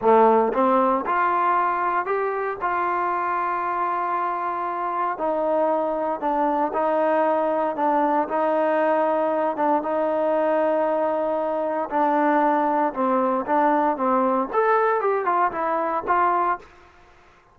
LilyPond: \new Staff \with { instrumentName = "trombone" } { \time 4/4 \tempo 4 = 116 a4 c'4 f'2 | g'4 f'2.~ | f'2 dis'2 | d'4 dis'2 d'4 |
dis'2~ dis'8 d'8 dis'4~ | dis'2. d'4~ | d'4 c'4 d'4 c'4 | a'4 g'8 f'8 e'4 f'4 | }